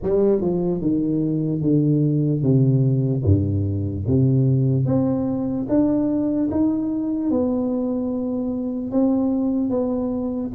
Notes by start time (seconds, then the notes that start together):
0.02 G3
0.41 F3
0.81 D#3
1.61 D3
2.42 C3
3.24 G2
4.07 C3
4.85 C4
5.68 D4
6.51 D#4
7.30 B3
8.91 C4
9.70 B3